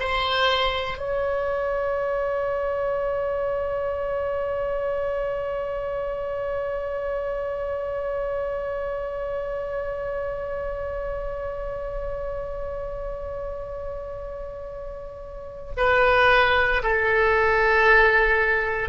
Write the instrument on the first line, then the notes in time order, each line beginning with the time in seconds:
oboe
0.00 C5
0.98 C#5
15.77 B4
16.83 A4